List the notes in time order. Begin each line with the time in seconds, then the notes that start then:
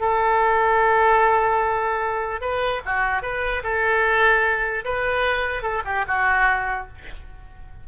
0.00 A4
2.41 B4
2.85 F#4
3.22 B4
3.63 A4
4.84 B4
5.62 A4
5.85 G4
6.07 F#4